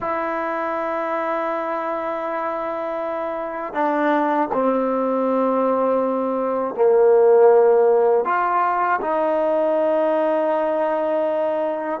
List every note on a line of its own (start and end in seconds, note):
0.00 3.73 E4
3.73 4.48 D4
4.52 6.74 C4
6.74 8.24 A#3
8.25 9.00 F4
9.01 12.00 D#4